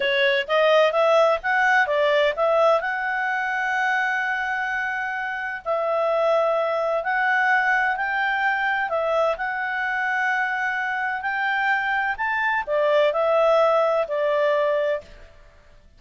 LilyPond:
\new Staff \with { instrumentName = "clarinet" } { \time 4/4 \tempo 4 = 128 cis''4 dis''4 e''4 fis''4 | d''4 e''4 fis''2~ | fis''1 | e''2. fis''4~ |
fis''4 g''2 e''4 | fis''1 | g''2 a''4 d''4 | e''2 d''2 | }